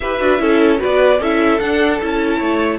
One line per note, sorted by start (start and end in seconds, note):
0.00 0.20 E4
0.00 0.19 G4
0.00 0.41 B4
0.00 0.80 E5
0.19 0.39 D4
0.19 0.38 F#4
0.38 0.79 C#4
0.38 0.78 E4
0.38 0.80 A4
0.78 1.18 F#4
0.78 1.20 B4
0.78 1.22 D5
0.84 1.19 B3
1.19 1.59 C#4
1.19 1.59 E4
1.19 2.37 A4
1.19 1.59 E5
1.59 1.99 D4
1.59 2.00 D4
1.59 1.99 F#5
2.00 2.40 C#4
2.00 2.78 E4
2.00 2.78 A5
2.37 2.78 A3
2.37 2.77 C#5